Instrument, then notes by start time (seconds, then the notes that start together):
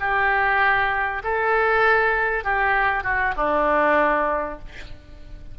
oboe
0.00 G4
1.24 A4
2.44 G4
3.03 F#4
3.36 D4